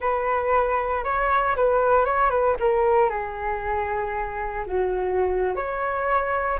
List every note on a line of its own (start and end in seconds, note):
0.00 1.03 B4
1.03 1.55 C#5
1.56 2.05 B4
2.05 2.30 C#5
2.30 2.56 B4
2.59 3.09 A#4
3.09 4.64 G#4
4.66 5.55 F#4
5.55 6.59 C#5